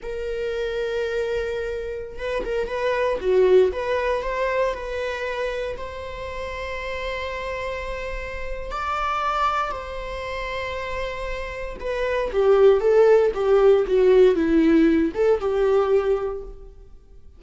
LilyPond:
\new Staff \with { instrumentName = "viola" } { \time 4/4 \tempo 4 = 117 ais'1~ | ais'16 b'8 ais'8 b'4 fis'4 b'8.~ | b'16 c''4 b'2 c''8.~ | c''1~ |
c''4 d''2 c''4~ | c''2. b'4 | g'4 a'4 g'4 fis'4 | e'4. a'8 g'2 | }